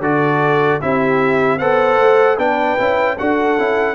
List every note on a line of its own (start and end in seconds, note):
0.00 0.79 D3
0.00 0.81 F#4
0.00 0.81 A4
0.00 0.82 D5
0.81 1.61 C4
0.81 1.60 E4
0.81 1.59 G4
0.81 1.59 E5
1.59 2.00 B3
1.59 2.39 A4
1.59 2.38 C5
1.59 2.38 F#5
2.00 2.38 A3
2.38 2.78 B3
2.38 2.78 D4
2.38 3.17 B4
2.38 3.18 G5
2.78 3.19 C#4
2.78 3.18 E4
3.19 3.59 D4
3.19 3.59 F#4
3.19 3.95 A4
3.19 3.95 F#5
3.59 3.95 C#4
3.59 3.95 E4